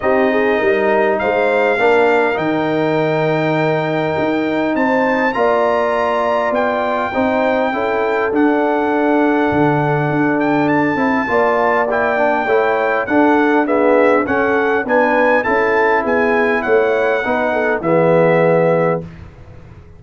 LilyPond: <<
  \new Staff \with { instrumentName = "trumpet" } { \time 4/4 \tempo 4 = 101 dis''2 f''2 | g''1 | a''4 ais''2 g''4~ | g''2 fis''2~ |
fis''4. g''8 a''2 | g''2 fis''4 e''4 | fis''4 gis''4 a''4 gis''4 | fis''2 e''2 | }
  \new Staff \with { instrumentName = "horn" } { \time 4/4 g'8 gis'8 ais'4 c''4 ais'4~ | ais'1 | c''4 d''2. | c''4 a'2.~ |
a'2. d''4~ | d''4 cis''4 a'4 gis'4 | a'4 b'4 a'4 gis'4 | cis''4 b'8 a'8 gis'2 | }
  \new Staff \with { instrumentName = "trombone" } { \time 4/4 dis'2. d'4 | dis'1~ | dis'4 f'2. | dis'4 e'4 d'2~ |
d'2~ d'8 e'8 f'4 | e'8 d'8 e'4 d'4 b4 | cis'4 d'4 e'2~ | e'4 dis'4 b2 | }
  \new Staff \with { instrumentName = "tuba" } { \time 4/4 c'4 g4 gis4 ais4 | dis2. dis'4 | c'4 ais2 b4 | c'4 cis'4 d'2 |
d4 d'4. c'8 ais4~ | ais4 a4 d'2 | cis'4 b4 cis'4 b4 | a4 b4 e2 | }
>>